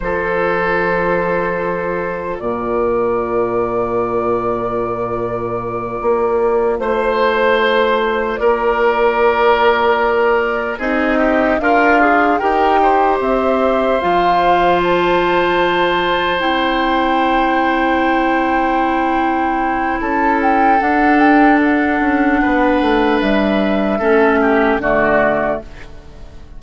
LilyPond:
<<
  \new Staff \with { instrumentName = "flute" } { \time 4/4 \tempo 4 = 75 c''2. d''4~ | d''1~ | d''8 c''2 d''4.~ | d''4. dis''4 f''4 g''8~ |
g''8 e''4 f''4 a''4.~ | a''8 g''2.~ g''8~ | g''4 a''8 g''8 fis''8 g''8 fis''4~ | fis''4 e''2 d''4 | }
  \new Staff \with { instrumentName = "oboe" } { \time 4/4 a'2. ais'4~ | ais'1~ | ais'8 c''2 ais'4.~ | ais'4. gis'8 g'8 f'4 ais'8 |
c''1~ | c''1~ | c''4 a'2. | b'2 a'8 g'8 fis'4 | }
  \new Staff \with { instrumentName = "clarinet" } { \time 4/4 f'1~ | f'1~ | f'1~ | f'4. dis'4 ais'8 gis'8 g'8~ |
g'4. f'2~ f'8~ | f'8 e'2.~ e'8~ | e'2 d'2~ | d'2 cis'4 a4 | }
  \new Staff \with { instrumentName = "bassoon" } { \time 4/4 f2. ais,4~ | ais,2.~ ais,8 ais8~ | ais8 a2 ais4.~ | ais4. c'4 d'4 dis'8~ |
dis'8 c'4 f2~ f8~ | f8 c'2.~ c'8~ | c'4 cis'4 d'4. cis'8 | b8 a8 g4 a4 d4 | }
>>